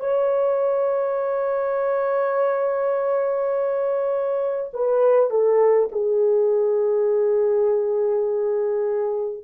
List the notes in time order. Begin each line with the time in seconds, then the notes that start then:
0.00 C#5
4.73 B4
5.30 A4
5.92 G#4